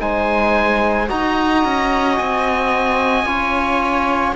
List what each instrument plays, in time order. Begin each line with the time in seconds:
0.00 cello G#3, trombone D#4, viola C5, oboe G#5
1.08 cello D#4, trombone F#4, viola D#5, oboe A#5
1.65 cello C#4
2.17 cello C4, oboe G#5
3.25 cello C#4, trombone F4, viola C#5